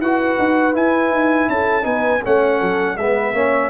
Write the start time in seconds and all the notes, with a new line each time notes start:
0.00 E4 F#4 B4 F#5
0.39 D#4
0.73 E4 G#5
1.11 D#4
1.49 C#4 A4 A5
1.83 B3 D#4 B4 G#5
2.24 A3 C#4 C#5 F#5
2.58 F#3 A4
2.97 G#3 B3 B4 E5
3.33 A#3 C#4 C#5